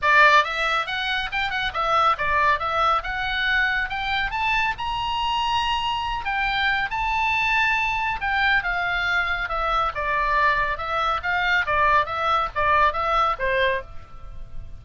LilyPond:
\new Staff \with { instrumentName = "oboe" } { \time 4/4 \tempo 4 = 139 d''4 e''4 fis''4 g''8 fis''8 | e''4 d''4 e''4 fis''4~ | fis''4 g''4 a''4 ais''4~ | ais''2~ ais''8 g''4. |
a''2. g''4 | f''2 e''4 d''4~ | d''4 e''4 f''4 d''4 | e''4 d''4 e''4 c''4 | }